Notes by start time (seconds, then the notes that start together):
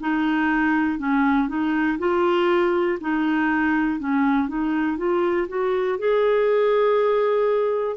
0.00 D#4
0.98 C#4
1.48 D#4
1.98 F4
3.00 D#4
3.99 C#4
4.48 D#4
4.97 F4
5.48 F#4
5.98 G#4